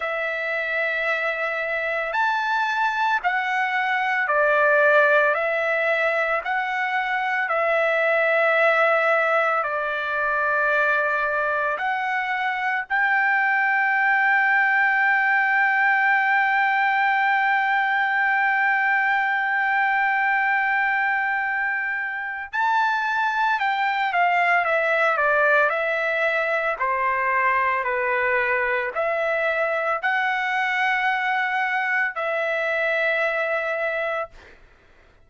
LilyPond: \new Staff \with { instrumentName = "trumpet" } { \time 4/4 \tempo 4 = 56 e''2 a''4 fis''4 | d''4 e''4 fis''4 e''4~ | e''4 d''2 fis''4 | g''1~ |
g''1~ | g''4 a''4 g''8 f''8 e''8 d''8 | e''4 c''4 b'4 e''4 | fis''2 e''2 | }